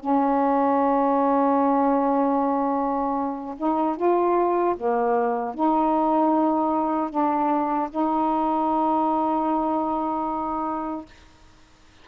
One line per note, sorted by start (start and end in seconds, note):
0.00 3.55 C#4
3.57 3.97 D#4
3.97 4.76 F4
4.77 5.55 A#3
5.55 7.11 D#4
7.11 7.89 D4
7.90 11.06 D#4